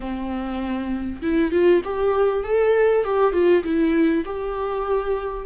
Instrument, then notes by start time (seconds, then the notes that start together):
viola
0.00 C4
1.22 E4
1.51 F4
1.84 G4
2.43 A4
3.04 G4
3.33 F4
3.63 E4
4.25 G4